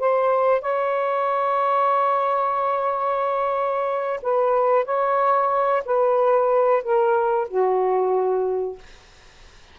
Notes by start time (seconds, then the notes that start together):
0.00 C5
0.62 C#5
4.22 B4
4.86 C#5
5.85 B4
6.83 A#4
7.48 F#4